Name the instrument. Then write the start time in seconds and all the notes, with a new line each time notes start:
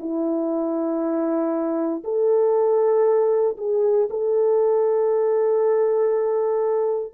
horn
0.00 E4
2.04 A4
3.58 G#4
4.10 A4